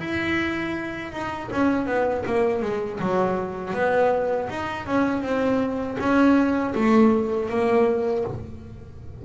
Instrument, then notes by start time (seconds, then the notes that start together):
double bass
0.00 E4
1.12 D#4
1.52 C#4
1.87 B3
2.26 A#3
2.62 G#3
3.00 F#3
3.74 B3
4.50 D#4
4.87 C#4
5.23 C4
5.99 C#4
6.75 A3
7.50 A#3